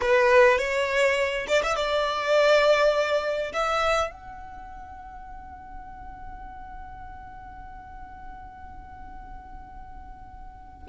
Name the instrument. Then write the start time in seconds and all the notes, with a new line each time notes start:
violin
0.01 B4
0.58 C#5
1.47 D5
1.63 E5
1.76 D5
3.52 E5
4.10 F#5